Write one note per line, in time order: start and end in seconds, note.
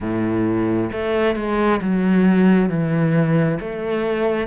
0.00 0.90 A2
0.92 1.35 A3
1.35 1.80 G#3
1.81 2.69 F#3
2.69 3.58 E3
3.59 4.47 A3